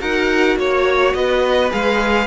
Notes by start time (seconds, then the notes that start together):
0.00 D#4 F#4 A#4 F#5
0.57 A#3 C#5
1.14 B3 B4 D#5
1.70 G#3 G#4 F5